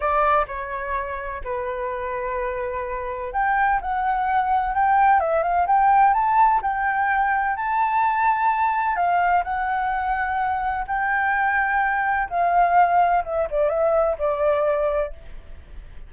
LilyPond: \new Staff \with { instrumentName = "flute" } { \time 4/4 \tempo 4 = 127 d''4 cis''2 b'4~ | b'2. g''4 | fis''2 g''4 e''8 f''8 | g''4 a''4 g''2 |
a''2. f''4 | fis''2. g''4~ | g''2 f''2 | e''8 d''8 e''4 d''2 | }